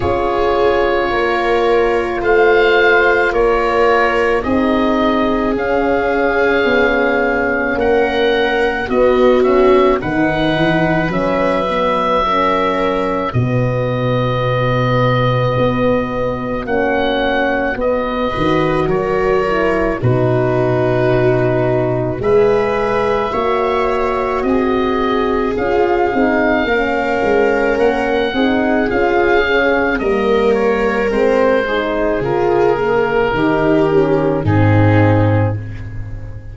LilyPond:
<<
  \new Staff \with { instrumentName = "oboe" } { \time 4/4 \tempo 4 = 54 cis''2 f''4 cis''4 | dis''4 f''2 fis''4 | dis''8 e''8 fis''4 e''2 | dis''2. fis''4 |
dis''4 cis''4 b'2 | e''2 dis''4 f''4~ | f''4 fis''4 f''4 dis''8 cis''8 | c''4 ais'2 gis'4 | }
  \new Staff \with { instrumentName = "viola" } { \time 4/4 gis'4 ais'4 c''4 ais'4 | gis'2. ais'4 | fis'4 b'2 ais'4 | fis'1~ |
fis'8 b'8 ais'4 fis'2 | b'4 cis''4 gis'2 | ais'4. gis'4. ais'4~ | ais'8 gis'4. g'4 dis'4 | }
  \new Staff \with { instrumentName = "horn" } { \time 4/4 f'1 | dis'4 cis'2. | b8 cis'8 dis'4 cis'8 b8 cis'4 | b2. cis'4 |
b8 fis'4 e'8 dis'2 | gis'4 fis'2 f'8 dis'8 | cis'4. dis'8 f'8 cis'8 ais4 | c'8 dis'8 f'8 ais8 dis'8 cis'8 c'4 | }
  \new Staff \with { instrumentName = "tuba" } { \time 4/4 cis'4 ais4 a4 ais4 | c'4 cis'4 b4 ais4 | b4 dis8 e8 fis2 | b,2 b4 ais4 |
b8 dis8 fis4 b,2 | gis4 ais4 c'4 cis'8 c'8 | ais8 gis8 ais8 c'8 cis'4 g4 | gis4 cis4 dis4 gis,4 | }
>>